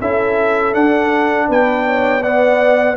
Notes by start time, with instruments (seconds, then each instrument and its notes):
0.00 tuba C#4, trombone E4, horn A4, trumpet E5
0.73 trombone D4, tuba D4, trumpet F#5
1.48 tuba B3, horn B4, trumpet G5
1.86 horn C#5
2.22 trombone B3, horn D5, trumpet F#5